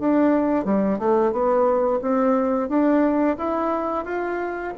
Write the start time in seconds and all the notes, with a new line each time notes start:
0.00 D4
0.65 G3
0.99 A3
1.32 B3
2.02 C4
2.69 D4
3.37 E4
4.05 F4